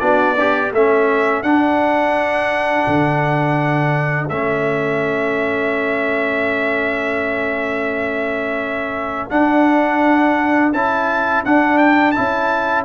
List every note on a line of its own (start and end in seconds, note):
0.00 0.72 B3
0.00 0.36 D4
0.00 0.36 F#4
0.00 0.71 D5
0.36 0.72 D4
0.36 0.75 G4
0.72 1.43 A3
0.72 1.44 C#4
0.72 12.85 A4
0.72 1.43 E5
1.43 2.86 D4
1.43 4.30 D4
1.43 4.29 F#5
2.87 4.30 D3
4.29 9.30 A3
4.29 9.31 C#4
4.29 9.29 E5
9.30 10.72 D4
9.30 10.74 D4
9.30 10.73 F#5
10.72 11.44 C#4
10.72 11.46 E4
10.72 11.44 A5
11.45 12.15 D4
11.45 12.17 D4
11.45 11.78 F#5
11.78 12.11 G5
12.11 12.85 E4
12.11 12.83 A5
12.18 12.85 C#4